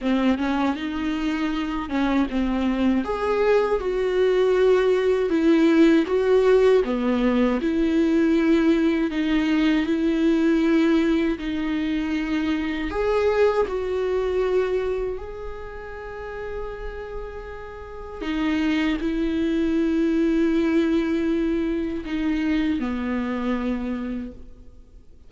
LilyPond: \new Staff \with { instrumentName = "viola" } { \time 4/4 \tempo 4 = 79 c'8 cis'8 dis'4. cis'8 c'4 | gis'4 fis'2 e'4 | fis'4 b4 e'2 | dis'4 e'2 dis'4~ |
dis'4 gis'4 fis'2 | gis'1 | dis'4 e'2.~ | e'4 dis'4 b2 | }